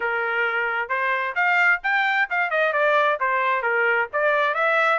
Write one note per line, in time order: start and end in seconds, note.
0.00 0.88 A#4
0.88 1.34 C5
1.35 1.80 F5
1.83 2.28 G5
2.30 2.50 F5
2.50 2.72 D#5
2.72 3.18 D5
3.20 3.62 C5
3.62 4.07 A#4
4.12 4.54 D5
4.54 4.98 E5